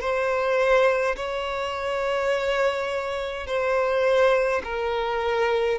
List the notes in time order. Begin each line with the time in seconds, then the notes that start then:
0.00 C5
1.16 C#5
3.47 C5
4.64 A#4